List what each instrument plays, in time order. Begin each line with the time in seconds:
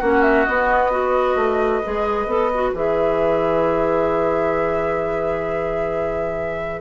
0.00 bassoon A#3, clarinet C#4, oboe F#4, flute F#5
0.22 flute E5
0.45 clarinet B3, bassoon B3, flute D#5
0.91 clarinet F#4, oboe B4
1.35 bassoon A3
1.83 bassoon G#3, clarinet G#4
2.26 bassoon B3, clarinet A4
2.54 clarinet F#4
2.74 bassoon E3, clarinet G#4, flute E5